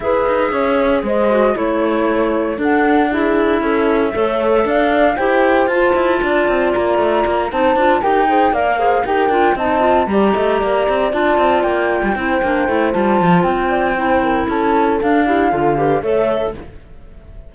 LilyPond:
<<
  \new Staff \with { instrumentName = "flute" } { \time 4/4 \tempo 4 = 116 e''2 dis''4 cis''4~ | cis''4 fis''4 e''2~ | e''4 f''4 g''4 a''4~ | a''4 ais''4. a''4 g''8~ |
g''8 f''4 g''4 a''4 ais''8~ | ais''4. a''4 g''4.~ | g''4 a''4 g''2 | a''4 f''2 e''4 | }
  \new Staff \with { instrumentName = "horn" } { \time 4/4 b'4 cis''4 c''4 cis''4~ | cis''4 a'4 gis'4 a'4 | cis''4 d''4 c''2 | d''2~ d''8 c''4 ais'8 |
c''8 d''8 c''8 ais'4 dis''4 d''8 | dis''8 d''2. c''8~ | c''2~ c''8 d''8 c''8 ais'8 | a'4. g'8 a'8 b'8 cis''4 | }
  \new Staff \with { instrumentName = "clarinet" } { \time 4/4 gis'2~ gis'8 fis'8 e'4~ | e'4 d'4 e'2 | a'2 g'4 f'4~ | f'2~ f'8 dis'8 f'8 g'8 |
gis'8 ais'8 gis'8 g'8 f'8 dis'8 f'8 g'8~ | g'4. f'2 e'8 | d'8 e'8 f'2 e'4~ | e'4 d'8 e'8 f'8 g'8 a'4 | }
  \new Staff \with { instrumentName = "cello" } { \time 4/4 e'8 dis'8 cis'4 gis4 a4~ | a4 d'2 cis'4 | a4 d'4 e'4 f'8 e'8 | d'8 c'8 ais8 a8 ais8 c'8 d'8 dis'8~ |
dis'8 ais4 dis'8 d'8 c'4 g8 | a8 ais8 c'8 d'8 c'8 ais8. g16 c'8 | ais8 a8 g8 f8 c'2 | cis'4 d'4 d4 a4 | }
>>